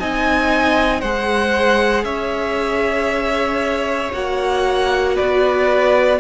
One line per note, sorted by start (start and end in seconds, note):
0.00 1.02 C4
0.00 1.03 D#4
0.00 1.01 D#5
0.00 1.01 G#5
1.01 2.04 G#3
1.01 4.13 G#4
1.01 2.05 C5
1.01 2.05 F#5
2.04 4.11 C#4
2.04 5.16 C#5
2.04 4.12 E5
4.13 5.17 A#3
4.13 6.20 F#4
4.13 5.17 F#5
5.16 6.20 B3
5.16 6.19 B4
5.16 6.20 D5